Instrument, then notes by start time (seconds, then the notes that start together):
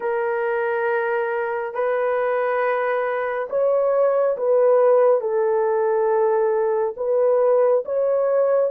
horn
0.00 A#4
1.74 B4
3.49 C#5
4.37 B4
5.20 A4
6.96 B4
7.85 C#5